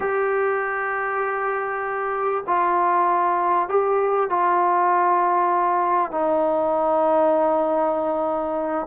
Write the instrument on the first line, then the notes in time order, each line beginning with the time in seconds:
trombone
0.00 G4
2.46 F4
3.68 G4
4.29 F4
6.11 D#4